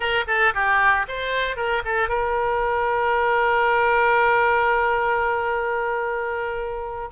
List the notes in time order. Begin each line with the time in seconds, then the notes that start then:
0.00 A#4
0.27 A4
0.54 G4
1.07 C5
1.56 A#4
1.84 A4
2.08 A#4